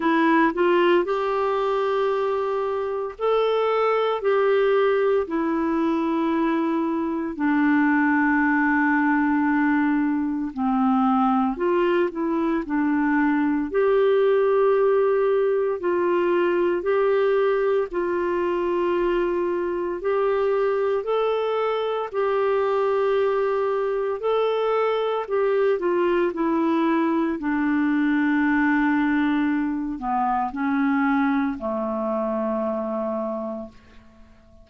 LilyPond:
\new Staff \with { instrumentName = "clarinet" } { \time 4/4 \tempo 4 = 57 e'8 f'8 g'2 a'4 | g'4 e'2 d'4~ | d'2 c'4 f'8 e'8 | d'4 g'2 f'4 |
g'4 f'2 g'4 | a'4 g'2 a'4 | g'8 f'8 e'4 d'2~ | d'8 b8 cis'4 a2 | }